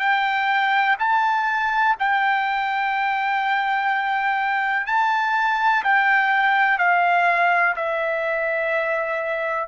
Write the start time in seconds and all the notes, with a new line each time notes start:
0.00 G5
0.99 A5
1.99 G5
4.87 A5
5.84 G5
6.79 F5
7.76 E5